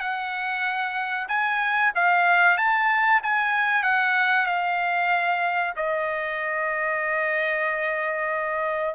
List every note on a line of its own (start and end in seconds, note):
0.00 1.28 F#5
1.28 1.92 G#5
1.95 2.57 F5
2.57 3.21 A5
3.23 3.83 G#5
3.83 4.46 F#5
4.46 5.74 F5
5.76 8.95 D#5